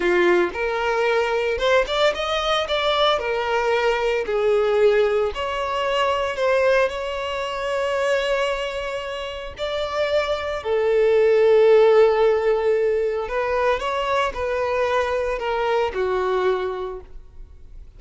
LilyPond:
\new Staff \with { instrumentName = "violin" } { \time 4/4 \tempo 4 = 113 f'4 ais'2 c''8 d''8 | dis''4 d''4 ais'2 | gis'2 cis''2 | c''4 cis''2.~ |
cis''2 d''2 | a'1~ | a'4 b'4 cis''4 b'4~ | b'4 ais'4 fis'2 | }